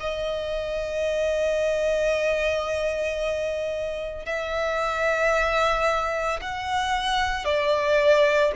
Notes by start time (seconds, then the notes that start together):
0.00 D#5
4.26 E5
6.41 F#5
7.45 D5